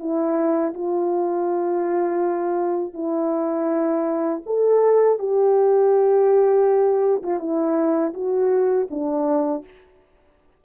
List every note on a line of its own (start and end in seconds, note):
0.00 0.74 E4
0.74 2.94 F4
2.94 4.42 E4
4.46 5.19 A4
5.19 7.23 G4
7.23 7.39 F4
7.39 8.13 E4
8.14 8.88 F#4
8.91 9.65 D4